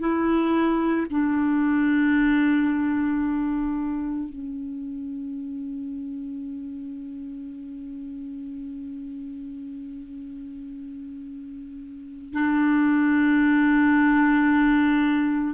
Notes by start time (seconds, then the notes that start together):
0.00 E4
1.11 D4
4.30 C#4
12.33 D4